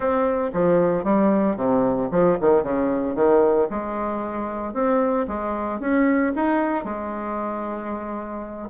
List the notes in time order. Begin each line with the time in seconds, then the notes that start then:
0.00 C4
0.53 F3
1.04 G3
1.56 C3
2.11 F3
2.40 D#3
2.63 C#3
3.15 D#3
3.69 G#3
4.73 C4
5.27 G#3
5.80 C#4
6.35 D#4
6.84 G#3